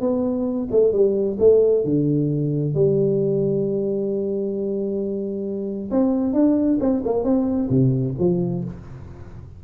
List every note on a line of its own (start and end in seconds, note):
0.00 0.68 B3
0.71 0.92 A3
0.92 1.37 G3
1.39 1.84 A3
1.84 2.74 D3
2.74 5.90 G3
5.90 6.33 C4
6.33 6.78 D4
6.80 7.03 C4
7.05 7.24 A#3
7.24 7.69 C4
7.69 8.14 C3
8.19 8.64 F3